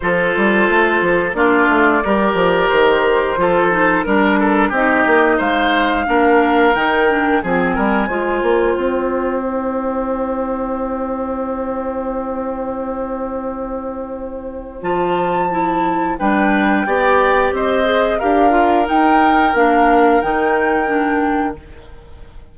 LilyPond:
<<
  \new Staff \with { instrumentName = "flute" } { \time 4/4 \tempo 4 = 89 c''2 d''2 | c''2 ais'4 dis''4 | f''2 g''4 gis''4~ | gis''4 g''2.~ |
g''1~ | g''2 a''2 | g''2 dis''4 f''4 | g''4 f''4 g''2 | }
  \new Staff \with { instrumentName = "oboe" } { \time 4/4 a'2 f'4 ais'4~ | ais'4 a'4 ais'8 a'8 g'4 | c''4 ais'2 gis'8 ais'8 | c''1~ |
c''1~ | c''1 | b'4 d''4 c''4 ais'4~ | ais'1 | }
  \new Staff \with { instrumentName = "clarinet" } { \time 4/4 f'2 d'4 g'4~ | g'4 f'8 dis'8 d'4 dis'4~ | dis'4 d'4 dis'8 d'8 c'4 | f'2 e'2~ |
e'1~ | e'2 f'4 e'4 | d'4 g'4. gis'8 g'8 f'8 | dis'4 d'4 dis'4 d'4 | }
  \new Staff \with { instrumentName = "bassoon" } { \time 4/4 f8 g8 a8 f8 ais8 a8 g8 f8 | dis4 f4 g4 c'8 ais8 | gis4 ais4 dis4 f8 g8 | gis8 ais8 c'2.~ |
c'1~ | c'2 f2 | g4 b4 c'4 d'4 | dis'4 ais4 dis2 | }
>>